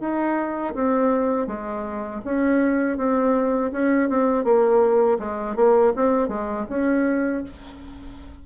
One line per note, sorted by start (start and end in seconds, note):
0.00 0.74 D#4
0.75 1.47 C4
1.47 2.21 G#3
2.25 2.97 C#4
2.97 3.71 C4
3.72 4.09 C#4
4.09 4.44 C4
4.44 5.18 A#3
5.19 5.56 G#3
5.56 5.93 A#3
5.96 6.28 C4
6.28 6.65 G#3
6.69 7.43 C#4